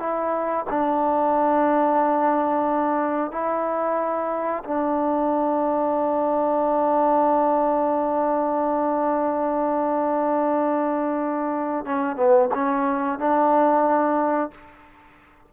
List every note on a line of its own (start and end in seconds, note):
0.00 0.66 E4
0.70 3.32 D4
3.32 4.64 E4
4.65 11.86 D4
11.86 12.16 C#4
12.16 12.49 B3
12.55 13.20 C#4
13.20 14.51 D4